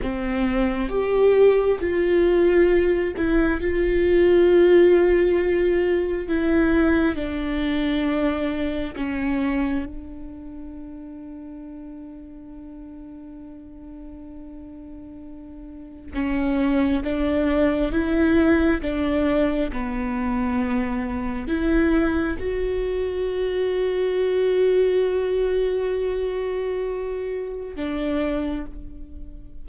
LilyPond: \new Staff \with { instrumentName = "viola" } { \time 4/4 \tempo 4 = 67 c'4 g'4 f'4. e'8 | f'2. e'4 | d'2 cis'4 d'4~ | d'1~ |
d'2 cis'4 d'4 | e'4 d'4 b2 | e'4 fis'2.~ | fis'2. d'4 | }